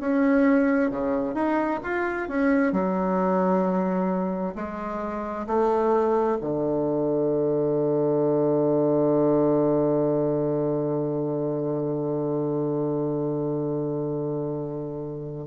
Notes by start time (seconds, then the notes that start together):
0.00 C#4
0.91 C#3
1.35 D#4
1.83 F4
2.29 C#4
2.73 F#3
4.55 G#3
5.47 A3
6.41 D3